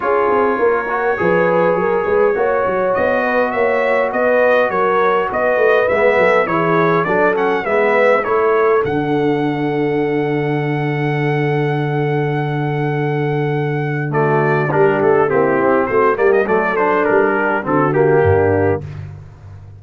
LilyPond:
<<
  \new Staff \with { instrumentName = "trumpet" } { \time 4/4 \tempo 4 = 102 cis''1~ | cis''4 dis''4 e''4 dis''4 | cis''4 dis''4 e''4 cis''4 | d''8 fis''8 e''4 cis''4 fis''4~ |
fis''1~ | fis''1 | d''4 ais'8 a'8 g'4 c''8 d''16 dis''16 | d''8 c''8 ais'4 a'8 g'4. | }
  \new Staff \with { instrumentName = "horn" } { \time 4/4 gis'4 ais'4 b'4 ais'8 b'8 | cis''4. b'8 cis''4 b'4 | ais'4 b'4. a'8 gis'4 | a'4 b'4 a'2~ |
a'1~ | a'1 | fis'4 g'4 e'4 fis'8 g'8 | a'4. g'8 fis'4 d'4 | }
  \new Staff \with { instrumentName = "trombone" } { \time 4/4 f'4. fis'8 gis'2 | fis'1~ | fis'2 b4 e'4 | d'8 cis'8 b4 e'4 d'4~ |
d'1~ | d'1 | a4 d'4 c'4. ais8 | a8 d'4. c'8 ais4. | }
  \new Staff \with { instrumentName = "tuba" } { \time 4/4 cis'8 c'8 ais4 f4 fis8 gis8 | ais8 fis8 b4 ais4 b4 | fis4 b8 a8 gis8 fis8 e4 | fis4 gis4 a4 d4~ |
d1~ | d1~ | d4 g8 a8 ais8 c'8 a8 g8 | fis4 g4 d4 g,4 | }
>>